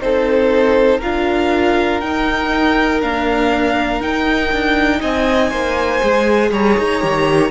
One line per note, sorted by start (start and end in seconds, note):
0.00 1.02 C4
0.00 1.00 D#4
0.00 0.99 A4
0.00 1.01 C5
0.99 2.01 D4
0.99 2.02 F4
0.99 4.99 A#4
0.99 2.01 F5
2.01 3.01 D#4
2.01 3.03 D#4
2.01 3.01 G5
3.01 4.01 A#3
3.01 4.01 D4
3.01 4.02 F5
4.01 4.51 D#4
4.01 6.01 D#4
4.01 5.01 G5
4.52 5.02 D4
5.01 5.51 C4
5.01 5.50 D#5
5.01 6.51 G#5
5.50 6.01 A#3
5.50 6.50 C5
6.01 6.51 G#3
6.01 7.01 G#4
6.51 6.76 G3
6.51 7.51 C#5
6.51 7.51 A#5
6.79 7.03 D#4
7.01 7.51 D#3
7.01 7.51 G4